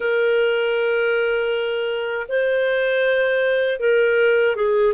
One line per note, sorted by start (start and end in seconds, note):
0.00 2.26 A#4
2.28 3.79 C5
3.79 4.55 A#4
4.55 4.93 G#4